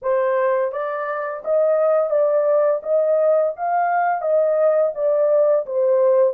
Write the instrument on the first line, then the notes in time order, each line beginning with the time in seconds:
horn
0.02 C5
0.72 D5
1.44 D#5
2.10 D5
2.82 D#5
3.56 F5
4.21 D#5
4.94 D5
5.66 C5